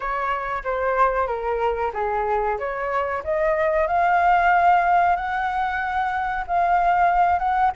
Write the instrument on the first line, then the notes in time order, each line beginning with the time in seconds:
flute
0.00 C#5
0.63 C5
1.27 A#4
1.93 G#4
2.58 C#5
3.24 D#5
3.87 F5
5.16 F#5
6.47 F5
7.38 F#5